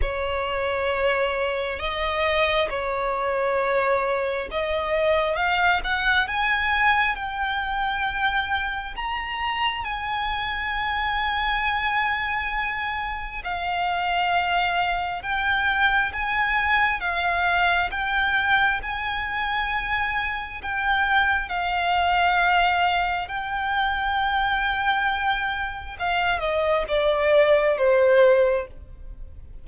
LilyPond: \new Staff \with { instrumentName = "violin" } { \time 4/4 \tempo 4 = 67 cis''2 dis''4 cis''4~ | cis''4 dis''4 f''8 fis''8 gis''4 | g''2 ais''4 gis''4~ | gis''2. f''4~ |
f''4 g''4 gis''4 f''4 | g''4 gis''2 g''4 | f''2 g''2~ | g''4 f''8 dis''8 d''4 c''4 | }